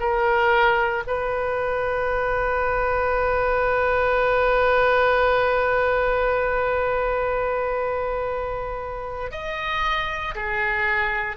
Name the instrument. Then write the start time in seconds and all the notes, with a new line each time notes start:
oboe
0.00 A#4
1.07 B4
9.32 D#5
10.35 G#4